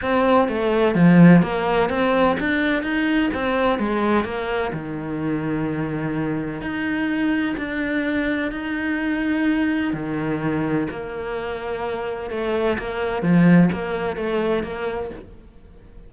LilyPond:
\new Staff \with { instrumentName = "cello" } { \time 4/4 \tempo 4 = 127 c'4 a4 f4 ais4 | c'4 d'4 dis'4 c'4 | gis4 ais4 dis2~ | dis2 dis'2 |
d'2 dis'2~ | dis'4 dis2 ais4~ | ais2 a4 ais4 | f4 ais4 a4 ais4 | }